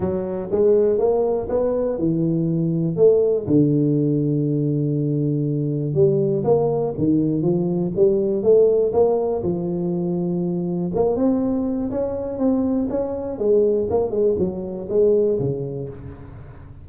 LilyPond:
\new Staff \with { instrumentName = "tuba" } { \time 4/4 \tempo 4 = 121 fis4 gis4 ais4 b4 | e2 a4 d4~ | d1 | g4 ais4 dis4 f4 |
g4 a4 ais4 f4~ | f2 ais8 c'4. | cis'4 c'4 cis'4 gis4 | ais8 gis8 fis4 gis4 cis4 | }